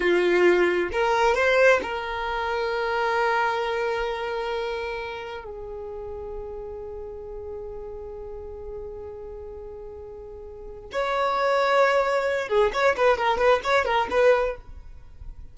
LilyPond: \new Staff \with { instrumentName = "violin" } { \time 4/4 \tempo 4 = 132 f'2 ais'4 c''4 | ais'1~ | ais'1 | gis'1~ |
gis'1~ | gis'1 | cis''2.~ cis''8 gis'8 | cis''8 b'8 ais'8 b'8 cis''8 ais'8 b'4 | }